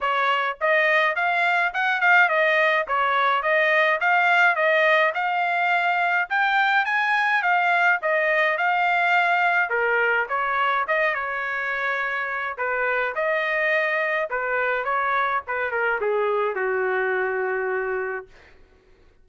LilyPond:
\new Staff \with { instrumentName = "trumpet" } { \time 4/4 \tempo 4 = 105 cis''4 dis''4 f''4 fis''8 f''8 | dis''4 cis''4 dis''4 f''4 | dis''4 f''2 g''4 | gis''4 f''4 dis''4 f''4~ |
f''4 ais'4 cis''4 dis''8 cis''8~ | cis''2 b'4 dis''4~ | dis''4 b'4 cis''4 b'8 ais'8 | gis'4 fis'2. | }